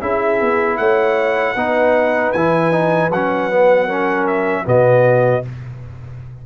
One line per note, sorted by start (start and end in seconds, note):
0.00 0.41 C#4
0.00 1.56 E4
0.00 0.78 G#4
0.00 0.77 E5
0.41 0.79 B3
0.77 1.55 A3
0.77 1.55 C#5
0.77 2.32 F#5
1.55 2.33 B3
1.55 2.35 D#4
1.55 3.86 B4
2.32 3.10 E3
2.32 2.71 E4
2.32 3.10 G#5
2.71 3.10 D#4
3.10 4.66 F#3
3.10 3.51 C#4
3.10 4.27 F#5
3.51 3.89 B3
3.86 4.65 C#4
3.86 4.64 A#4
4.27 4.66 E5
4.65 5.44 B2
4.65 5.43 B3
4.65 5.44 F#4
4.65 5.46 D#5